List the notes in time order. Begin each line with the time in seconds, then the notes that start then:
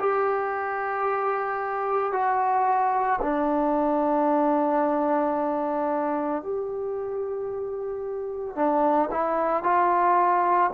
0.00 G4
2.13 F#4
3.22 D4
6.43 G4
8.56 D4
9.12 E4
9.64 F4